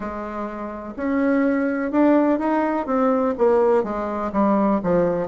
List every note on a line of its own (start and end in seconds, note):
0.00 0.94 G#3
0.96 1.91 C#4
1.91 2.39 D4
2.39 2.86 D#4
2.86 3.34 C4
3.38 3.83 A#3
3.83 4.31 G#3
4.32 4.80 G3
4.83 5.27 F3